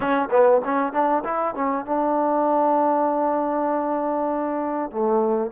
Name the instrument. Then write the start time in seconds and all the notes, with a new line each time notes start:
trombone
0.00 C#4
0.31 B3
0.64 C#4
0.92 D4
1.24 E4
1.54 C#4
1.85 D4
4.91 A3